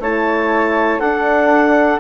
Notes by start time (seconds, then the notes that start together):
0.00 A3 E4 C#5 A5
1.00 D4 A4 F#5